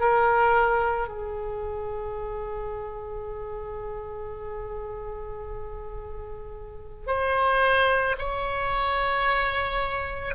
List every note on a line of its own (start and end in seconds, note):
0.00 1.09 A#4
1.09 7.08 G#4
7.08 8.17 C5
8.19 10.35 C#5